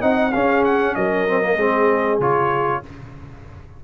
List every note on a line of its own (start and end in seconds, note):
0.00 0.33 C4
0.00 0.32 D#4
0.00 0.31 D#5
0.00 0.32 F#5
0.32 0.95 C#4
0.32 1.28 C#4
0.32 0.95 G#4
0.32 0.63 F5
0.64 0.94 F#5
0.94 1.57 F#3
0.94 1.55 A#4
0.94 2.19 D#5
1.28 1.42 C4
1.42 1.57 A#3
1.55 2.19 G#3
1.55 2.20 C4
1.55 2.80 G#4
2.19 2.82 C#3
2.19 2.82 F4
2.19 2.83 C#5